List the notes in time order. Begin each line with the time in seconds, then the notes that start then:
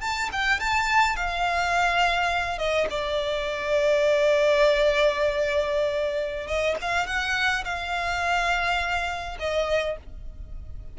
0.00 A5
0.32 G5
0.59 A5
1.16 F5
2.58 D#5
2.90 D5
6.47 D#5
6.81 F5
7.06 F#5
7.64 F5
9.39 D#5